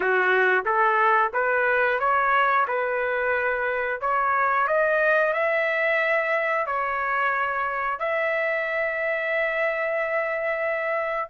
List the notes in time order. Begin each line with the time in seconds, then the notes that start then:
0.00 F#4
0.65 A4
1.33 B4
1.99 C#5
2.67 B4
4.00 C#5
4.67 D#5
5.33 E5
6.66 C#5
7.99 E5